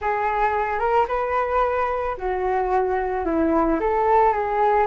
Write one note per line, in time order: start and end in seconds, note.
0.01 0.79 G#4
0.79 1.06 A#4
1.08 2.16 B4
2.17 3.25 F#4
3.25 3.79 E4
3.80 4.32 A4
4.32 4.86 G#4